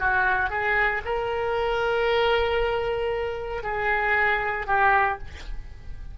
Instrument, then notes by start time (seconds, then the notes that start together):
oboe
0.00 F#4
0.50 G#4
1.05 A#4
3.63 G#4
4.67 G4